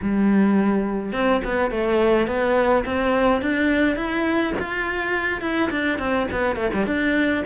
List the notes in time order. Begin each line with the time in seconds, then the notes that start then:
0.02 G3
1.12 C4
1.44 B3
1.70 A3
2.27 B3
2.85 C4
3.41 D4
3.96 E4
4.59 F4
5.41 E4
5.70 D4
5.98 C4
6.31 B3
6.56 A3
6.73 G3
6.86 D4